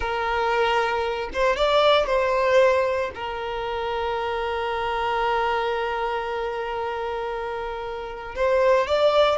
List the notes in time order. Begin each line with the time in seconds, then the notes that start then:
0.00 A#4
1.33 C5
1.56 D5
2.06 C5
3.14 A#4
8.35 C5
8.87 D5